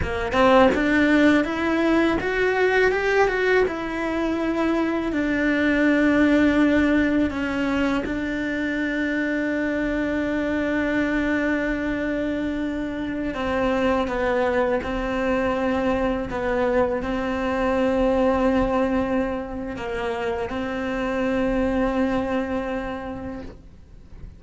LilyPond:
\new Staff \with { instrumentName = "cello" } { \time 4/4 \tempo 4 = 82 ais8 c'8 d'4 e'4 fis'4 | g'8 fis'8 e'2 d'4~ | d'2 cis'4 d'4~ | d'1~ |
d'2~ d'16 c'4 b8.~ | b16 c'2 b4 c'8.~ | c'2. ais4 | c'1 | }